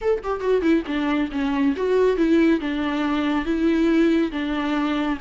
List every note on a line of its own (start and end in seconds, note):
0.01 0.23 A4
0.23 0.40 G4
0.40 0.61 F#4
0.61 0.83 E4
0.86 1.29 D4
1.31 1.74 C#4
1.76 2.16 F#4
2.16 2.60 E4
2.60 3.45 D4
3.45 4.31 E4
4.31 5.18 D4